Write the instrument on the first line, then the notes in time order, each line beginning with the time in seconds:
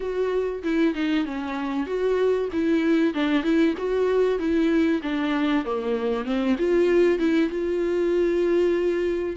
viola
0.00 F#4
0.63 E4
0.94 D#4
1.25 C#4
1.86 F#4
2.52 E4
3.13 D4
3.43 E4
3.77 F#4
4.38 E4
5.02 D4
5.64 A#3
6.24 C4
6.58 F4
7.18 E4
7.49 F4